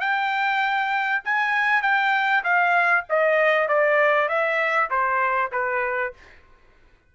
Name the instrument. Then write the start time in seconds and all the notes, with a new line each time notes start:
trumpet
0.00 G5
1.24 G#5
1.82 G5
2.44 F5
3.09 D#5
3.68 D5
4.29 E5
4.90 C5
5.52 B4